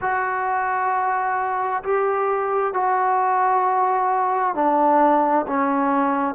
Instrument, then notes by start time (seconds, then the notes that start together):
trombone
0.01 F#4
1.83 G4
2.73 F#4
4.55 D4
5.47 C#4